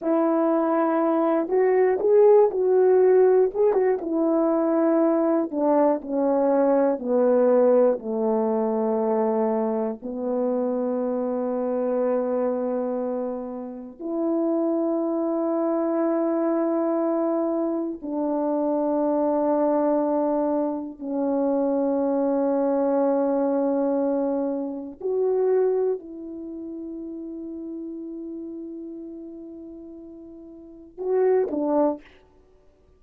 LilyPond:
\new Staff \with { instrumentName = "horn" } { \time 4/4 \tempo 4 = 60 e'4. fis'8 gis'8 fis'4 gis'16 fis'16 | e'4. d'8 cis'4 b4 | a2 b2~ | b2 e'2~ |
e'2 d'2~ | d'4 cis'2.~ | cis'4 fis'4 e'2~ | e'2. fis'8 d'8 | }